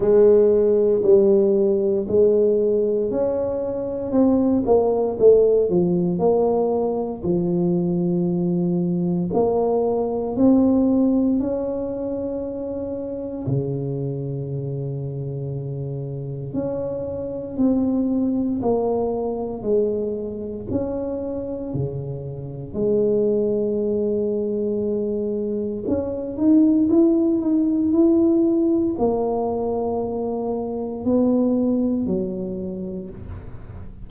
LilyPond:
\new Staff \with { instrumentName = "tuba" } { \time 4/4 \tempo 4 = 58 gis4 g4 gis4 cis'4 | c'8 ais8 a8 f8 ais4 f4~ | f4 ais4 c'4 cis'4~ | cis'4 cis2. |
cis'4 c'4 ais4 gis4 | cis'4 cis4 gis2~ | gis4 cis'8 dis'8 e'8 dis'8 e'4 | ais2 b4 fis4 | }